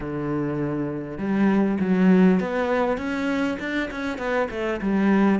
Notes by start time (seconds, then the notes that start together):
0.00 D3
1.18 G3
1.79 F#3
2.39 B3
2.97 C#4
3.59 D4
3.90 C#4
4.18 B3
4.50 A3
4.81 G3